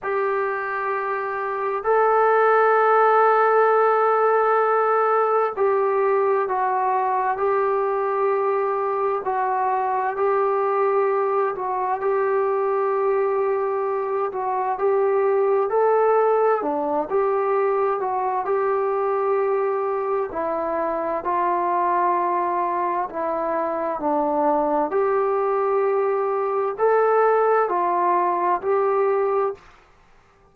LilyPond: \new Staff \with { instrumentName = "trombone" } { \time 4/4 \tempo 4 = 65 g'2 a'2~ | a'2 g'4 fis'4 | g'2 fis'4 g'4~ | g'8 fis'8 g'2~ g'8 fis'8 |
g'4 a'4 d'8 g'4 fis'8 | g'2 e'4 f'4~ | f'4 e'4 d'4 g'4~ | g'4 a'4 f'4 g'4 | }